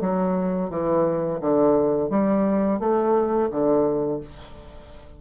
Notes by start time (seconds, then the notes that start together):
0.00 F#3
0.69 E3
1.40 D3
2.10 G3
2.79 A3
3.50 D3